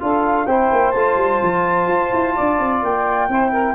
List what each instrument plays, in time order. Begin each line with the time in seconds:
0.00 tuba D4, trombone F4, saxophone A4, flute F5
0.46 tuba C4, trombone E4, saxophone C5, flute G5
0.72 tuba A#3
0.91 tuba A3, trombone F4, flute A5
1.16 tuba G3
1.43 tuba F3
1.88 tuba F4
2.13 tuba E4
2.35 tuba D4, saxophone D5
2.59 tuba C4
2.83 tuba A#3, flute G5
3.29 tuba C4, trombone E4, saxophone C5
3.51 saxophone A#4